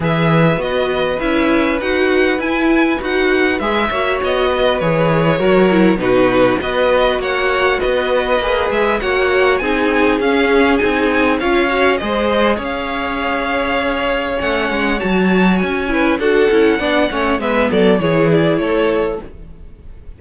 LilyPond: <<
  \new Staff \with { instrumentName = "violin" } { \time 4/4 \tempo 4 = 100 e''4 dis''4 e''4 fis''4 | gis''4 fis''4 e''4 dis''4 | cis''2 b'4 dis''4 | fis''4 dis''4. e''8 fis''4 |
gis''4 f''4 gis''4 f''4 | dis''4 f''2. | fis''4 a''4 gis''4 fis''4~ | fis''4 e''8 d''8 cis''8 d''8 cis''4 | }
  \new Staff \with { instrumentName = "violin" } { \time 4/4 b'1~ | b'2~ b'8 cis''4 b'8~ | b'4 ais'4 fis'4 b'4 | cis''4 b'2 cis''4 |
gis'2. cis''4 | c''4 cis''2.~ | cis''2~ cis''8 b'8 a'4 | d''8 cis''8 b'8 a'8 gis'4 a'4 | }
  \new Staff \with { instrumentName = "viola" } { \time 4/4 gis'4 fis'4 e'4 fis'4 | e'4 fis'4 gis'8 fis'4. | gis'4 fis'8 e'8 dis'4 fis'4~ | fis'2 gis'4 fis'4 |
dis'4 cis'4 dis'4 f'8 fis'8 | gis'1 | cis'4 fis'4. e'8 fis'8 e'8 | d'8 cis'8 b4 e'2 | }
  \new Staff \with { instrumentName = "cello" } { \time 4/4 e4 b4 cis'4 dis'4 | e'4 dis'4 gis8 ais8 b4 | e4 fis4 b,4 b4 | ais4 b4 ais8 gis8 ais4 |
c'4 cis'4 c'4 cis'4 | gis4 cis'2. | a8 gis8 fis4 cis'4 d'8 cis'8 | b8 a8 gis8 fis8 e4 a4 | }
>>